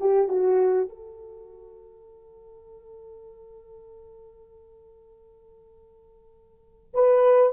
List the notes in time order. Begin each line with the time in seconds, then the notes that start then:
0.00 G4
0.29 F#4
0.89 A4
6.94 B4